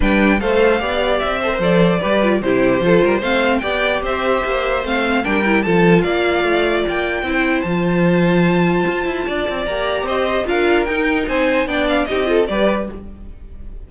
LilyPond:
<<
  \new Staff \with { instrumentName = "violin" } { \time 4/4 \tempo 4 = 149 g''4 f''2 e''4 | d''2 c''2 | f''4 g''4 e''2 | f''4 g''4 a''4 f''4~ |
f''4 g''2 a''4~ | a''1 | ais''4 dis''4 f''4 g''4 | gis''4 g''8 f''8 dis''4 d''4 | }
  \new Staff \with { instrumentName = "violin" } { \time 4/4 b'4 c''4 d''4. c''8~ | c''4 b'4 g'4 a'8 ais'8 | c''4 d''4 c''2~ | c''4 ais'4 a'4 d''4~ |
d''2 c''2~ | c''2. d''4~ | d''4 c''4 ais'2 | c''4 d''4 g'8 a'8 b'4 | }
  \new Staff \with { instrumentName = "viola" } { \time 4/4 d'4 a'4 g'4. a'16 ais'16 | a'4 g'8 f'8 e'4 f'4 | c'4 g'2. | c'4 d'8 e'8 f'2~ |
f'2 e'4 f'4~ | f'1 | g'2 f'4 dis'4~ | dis'4 d'4 dis'8 f'8 g'4 | }
  \new Staff \with { instrumentName = "cello" } { \time 4/4 g4 a4 b4 c'4 | f4 g4 c4 f8 g8 | a4 b4 c'4 ais4 | a4 g4 f4 ais4 |
a4 ais4 c'4 f4~ | f2 f'8 e'8 d'8 c'8 | ais4 c'4 d'4 dis'4 | c'4 b4 c'4 g4 | }
>>